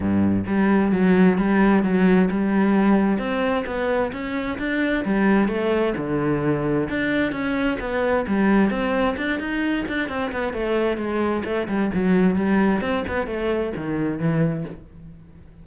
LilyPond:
\new Staff \with { instrumentName = "cello" } { \time 4/4 \tempo 4 = 131 g,4 g4 fis4 g4 | fis4 g2 c'4 | b4 cis'4 d'4 g4 | a4 d2 d'4 |
cis'4 b4 g4 c'4 | d'8 dis'4 d'8 c'8 b8 a4 | gis4 a8 g8 fis4 g4 | c'8 b8 a4 dis4 e4 | }